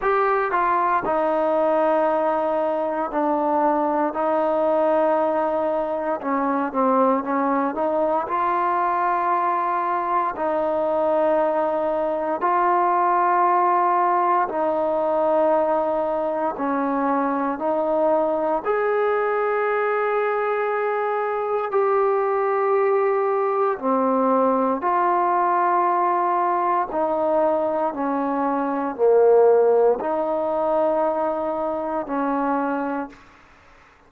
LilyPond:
\new Staff \with { instrumentName = "trombone" } { \time 4/4 \tempo 4 = 58 g'8 f'8 dis'2 d'4 | dis'2 cis'8 c'8 cis'8 dis'8 | f'2 dis'2 | f'2 dis'2 |
cis'4 dis'4 gis'2~ | gis'4 g'2 c'4 | f'2 dis'4 cis'4 | ais4 dis'2 cis'4 | }